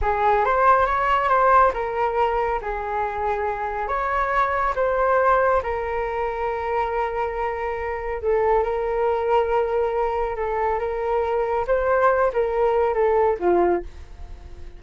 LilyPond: \new Staff \with { instrumentName = "flute" } { \time 4/4 \tempo 4 = 139 gis'4 c''4 cis''4 c''4 | ais'2 gis'2~ | gis'4 cis''2 c''4~ | c''4 ais'2.~ |
ais'2. a'4 | ais'1 | a'4 ais'2 c''4~ | c''8 ais'4. a'4 f'4 | }